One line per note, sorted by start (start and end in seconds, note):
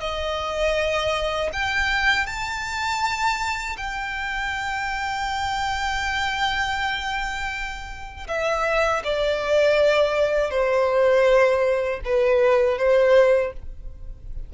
0.00 1.50 D#5
1.53 2.26 G5
2.26 3.76 A5
3.77 8.27 G5
8.28 9.03 E5
9.04 10.51 D5
10.51 12.01 C5
12.05 12.78 B4
12.78 13.53 C5